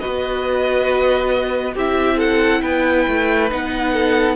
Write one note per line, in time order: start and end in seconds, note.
0.00 1.76 B3
0.00 1.75 F#4
0.00 1.74 B4
0.00 1.74 D#5
1.74 2.63 C4
1.74 3.50 E4
1.74 2.18 G4
1.74 2.19 E5
2.18 2.61 A4
2.18 2.62 F#5
2.62 3.07 B3
2.62 3.93 B4
2.62 3.49 G5
3.08 3.51 A3
3.50 4.36 B3
3.50 4.36 D#4
3.50 4.36 F#5
3.93 4.36 A4